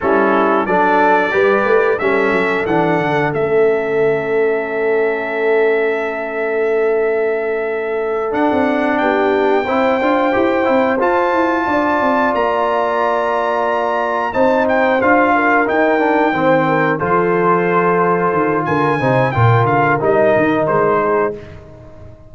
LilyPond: <<
  \new Staff \with { instrumentName = "trumpet" } { \time 4/4 \tempo 4 = 90 a'4 d''2 e''4 | fis''4 e''2.~ | e''1~ | e''8 fis''4 g''2~ g''8~ |
g''8 a''2 ais''4.~ | ais''4. a''8 g''8 f''4 g''8~ | g''4. c''2~ c''8 | gis''4 g''8 f''8 dis''4 c''4 | }
  \new Staff \with { instrumentName = "horn" } { \time 4/4 e'4 a'4 b'4 a'4~ | a'1~ | a'1~ | a'4. g'4 c''4.~ |
c''4. d''2~ d''8~ | d''4. c''4. ais'4~ | ais'8 c''8 ais'8 a'2~ a'8 | ais'8 c''8 ais'2~ ais'8 gis'8 | }
  \new Staff \with { instrumentName = "trombone" } { \time 4/4 cis'4 d'4 g'4 cis'4 | d'4 cis'2.~ | cis'1~ | cis'8 d'2 e'8 f'8 g'8 |
e'8 f'2.~ f'8~ | f'4. dis'4 f'4 dis'8 | d'8 c'4 f'2~ f'8~ | f'8 dis'8 f'4 dis'2 | }
  \new Staff \with { instrumentName = "tuba" } { \time 4/4 g4 fis4 g8 a8 g8 fis8 | e8 d8 a2.~ | a1~ | a8 d'16 c'8. b4 c'8 d'8 e'8 |
c'8 f'8 e'8 d'8 c'8 ais4.~ | ais4. c'4 d'4 dis'8~ | dis'8 dis4 f2 dis8 | d8 c8 ais,8 d8 g8 dis8 gis4 | }
>>